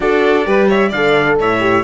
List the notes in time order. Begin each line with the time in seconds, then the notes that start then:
0.00 D4 F#4 A4 D5
0.44 G3 G4 B4
0.68 C#5 E5
0.88 D3 A4 D5 F5
1.39 A2 C#5 E5
1.60 G4